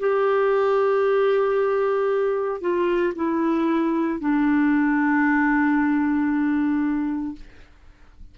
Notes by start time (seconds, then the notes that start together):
0.00 G4
2.61 F4
3.15 E4
4.20 D4